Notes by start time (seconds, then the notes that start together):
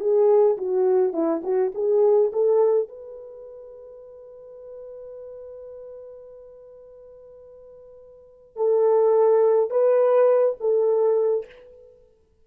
0.00 G#4
0.58 F#4
1.14 E4
1.44 F#4
1.75 G#4
2.33 A4
2.89 B4
8.57 A4
9.71 B4
10.61 A4